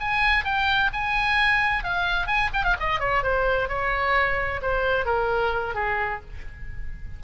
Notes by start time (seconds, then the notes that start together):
0.00 G#5
0.44 G5
0.93 G#5
1.84 F5
2.27 G#5
2.53 G5
2.64 F5
2.79 D#5
3.00 C#5
3.23 C5
3.68 C#5
4.62 C5
5.05 A#4
5.74 G#4